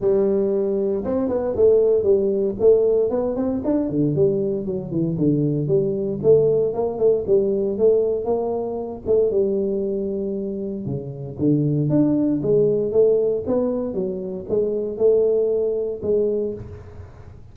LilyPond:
\new Staff \with { instrumentName = "tuba" } { \time 4/4 \tempo 4 = 116 g2 c'8 b8 a4 | g4 a4 b8 c'8 d'8 d8 | g4 fis8 e8 d4 g4 | a4 ais8 a8 g4 a4 |
ais4. a8 g2~ | g4 cis4 d4 d'4 | gis4 a4 b4 fis4 | gis4 a2 gis4 | }